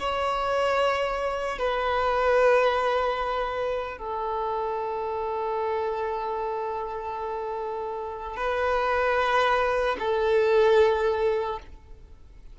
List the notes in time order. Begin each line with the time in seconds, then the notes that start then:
0.00 C#5
1.59 B4
3.99 A4
8.37 B4
10.00 A4